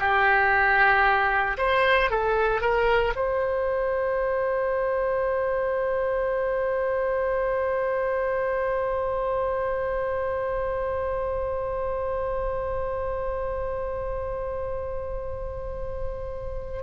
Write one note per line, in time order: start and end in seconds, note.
0.00 1.58 G4
1.58 2.11 C5
2.11 2.62 A4
2.62 3.14 A#4
3.16 16.83 C5